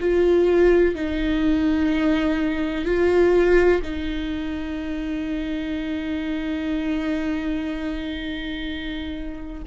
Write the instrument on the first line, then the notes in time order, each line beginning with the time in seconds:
viola
0.00 F4
0.95 D#4
2.85 F4
3.83 D#4